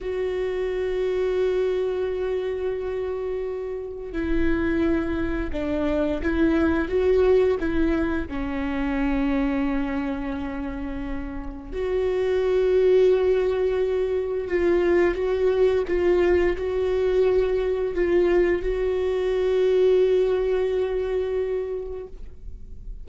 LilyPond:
\new Staff \with { instrumentName = "viola" } { \time 4/4 \tempo 4 = 87 fis'1~ | fis'2 e'2 | d'4 e'4 fis'4 e'4 | cis'1~ |
cis'4 fis'2.~ | fis'4 f'4 fis'4 f'4 | fis'2 f'4 fis'4~ | fis'1 | }